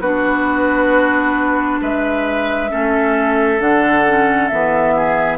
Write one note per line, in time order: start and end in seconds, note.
0.00 1.79 B3
0.00 2.69 D4
0.00 1.80 F#4
0.00 1.80 B4
1.81 2.71 G#3
1.81 2.70 B4
1.81 3.61 E5
2.69 3.60 A3
2.69 3.58 C#4
2.69 4.95 A4
3.58 4.50 D3
3.58 4.03 D4
3.58 4.48 F#5
4.07 4.51 C#4
4.48 5.38 E3
4.48 5.38 B3
4.48 5.38 E5
4.96 5.38 G#4